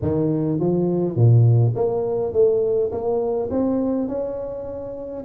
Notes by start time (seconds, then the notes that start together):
0.01 D#3
0.59 F3
1.16 A#2
1.75 A#3
2.32 A3
2.91 A#3
3.50 C4
4.08 C#4